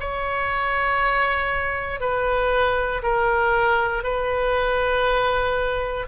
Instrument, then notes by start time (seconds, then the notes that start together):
oboe
0.00 C#5
2.01 B4
3.03 A#4
4.04 B4